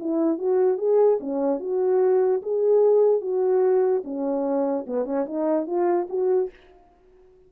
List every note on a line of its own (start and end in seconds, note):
0.00 0.39 E4
0.39 0.78 F#4
0.78 1.19 G#4
1.21 1.60 C#4
1.60 2.42 F#4
2.42 3.21 G#4
3.21 4.03 F#4
4.04 4.86 C#4
4.87 5.05 B3
5.05 5.26 C#4
5.26 5.67 D#4
5.67 6.07 F4
6.10 6.51 F#4